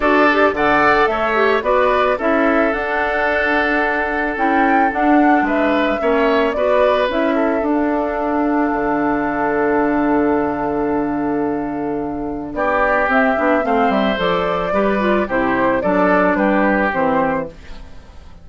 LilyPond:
<<
  \new Staff \with { instrumentName = "flute" } { \time 4/4 \tempo 4 = 110 d''4 fis''4 e''4 d''4 | e''4 fis''2. | g''4 fis''4 e''2 | d''4 e''4 f''2~ |
f''1~ | f''2. d''4 | e''4 f''8 e''8 d''2 | c''4 d''4 b'4 c''4 | }
  \new Staff \with { instrumentName = "oboe" } { \time 4/4 a'4 d''4 cis''4 b'4 | a'1~ | a'2 b'4 cis''4 | b'4. a'2~ a'8~ |
a'1~ | a'2. g'4~ | g'4 c''2 b'4 | g'4 a'4 g'2 | }
  \new Staff \with { instrumentName = "clarinet" } { \time 4/4 fis'8 g'8 a'4. g'8 fis'4 | e'4 d'2. | e'4 d'2 cis'4 | fis'4 e'4 d'2~ |
d'1~ | d'1 | c'8 d'8 c'4 a'4 g'8 f'8 | e'4 d'2 c'4 | }
  \new Staff \with { instrumentName = "bassoon" } { \time 4/4 d'4 d4 a4 b4 | cis'4 d'2. | cis'4 d'4 gis4 ais4 | b4 cis'4 d'2 |
d1~ | d2. b4 | c'8 b8 a8 g8 f4 g4 | c4 fis4 g4 e4 | }
>>